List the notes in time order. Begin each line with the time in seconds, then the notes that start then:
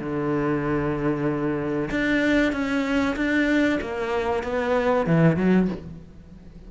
0.00 D3
1.91 D4
2.53 C#4
3.16 D4
3.81 A#3
4.44 B3
5.07 E3
5.37 F#3